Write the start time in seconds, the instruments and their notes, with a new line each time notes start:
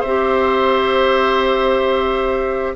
0.00 bassoon C4, oboe C5, flute E5
0.07 clarinet G4